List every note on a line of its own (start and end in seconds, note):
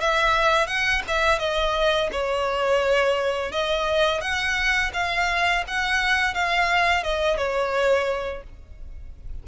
0.00 0.66 E5
0.66 1.02 F#5
1.07 1.39 E5
1.39 2.09 D#5
2.11 3.51 C#5
3.51 4.20 D#5
4.20 4.91 F#5
4.93 5.64 F5
5.67 6.34 F#5
6.34 7.03 F5
7.03 7.36 D#5
7.36 8.42 C#5